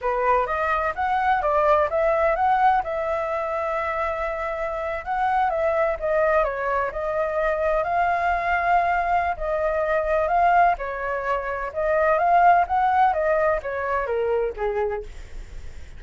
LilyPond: \new Staff \with { instrumentName = "flute" } { \time 4/4 \tempo 4 = 128 b'4 dis''4 fis''4 d''4 | e''4 fis''4 e''2~ | e''2~ e''8. fis''4 e''16~ | e''8. dis''4 cis''4 dis''4~ dis''16~ |
dis''8. f''2.~ f''16 | dis''2 f''4 cis''4~ | cis''4 dis''4 f''4 fis''4 | dis''4 cis''4 ais'4 gis'4 | }